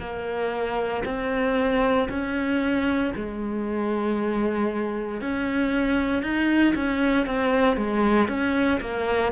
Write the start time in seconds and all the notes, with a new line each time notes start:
0.00 A#3
1.05 C4
2.09 C#4
3.16 G#3
5.21 C#4
6.23 D#4
6.75 C#4
7.26 C4
7.77 G#3
8.29 C#4
8.81 A#3